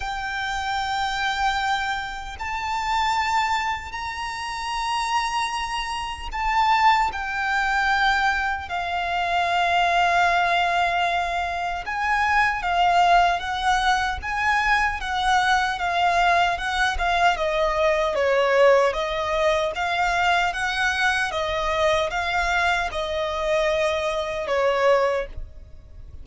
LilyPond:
\new Staff \with { instrumentName = "violin" } { \time 4/4 \tempo 4 = 76 g''2. a''4~ | a''4 ais''2. | a''4 g''2 f''4~ | f''2. gis''4 |
f''4 fis''4 gis''4 fis''4 | f''4 fis''8 f''8 dis''4 cis''4 | dis''4 f''4 fis''4 dis''4 | f''4 dis''2 cis''4 | }